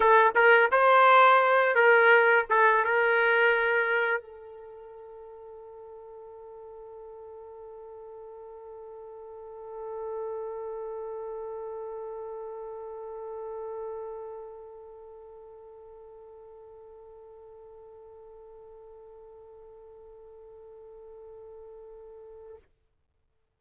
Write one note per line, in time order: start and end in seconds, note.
0.00 0.33 A4
0.35 0.70 A#4
0.71 1.75 C5
1.75 2.45 A#4
2.49 2.84 A4
2.84 4.21 A#4
4.21 22.56 A4